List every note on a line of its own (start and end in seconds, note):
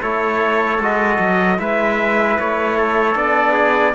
0.00 0.79 A3
0.00 0.79 E4
0.00 1.60 A4
0.00 0.81 C#5
0.79 1.18 G#3
0.79 1.58 F#4
0.79 1.59 D#5
1.19 1.59 F#3
1.58 2.38 G#3
1.58 3.15 E4
1.58 2.77 B4
1.58 2.38 E5
2.39 3.15 A3
2.39 3.17 C#5
2.77 3.53 A4
3.15 3.94 B3
3.15 3.94 D4
3.15 3.95 D5
3.53 3.93 G#4